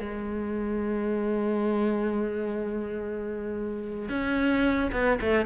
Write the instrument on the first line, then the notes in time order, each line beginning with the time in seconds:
cello
0.00 G#3
4.09 C#4
4.93 B3
5.21 A3